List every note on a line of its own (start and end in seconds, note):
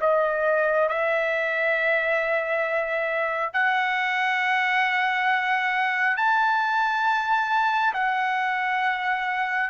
0.00 0.88 D#5
0.88 3.53 E5
3.53 6.16 F#5
6.16 7.93 A5
7.93 9.70 F#5